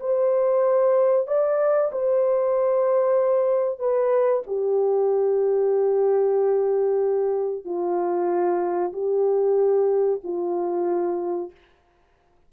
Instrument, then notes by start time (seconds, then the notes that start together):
horn
0.00 C5
1.27 D5
1.92 C5
3.79 B4
4.47 G4
7.65 F4
8.93 G4
10.24 F4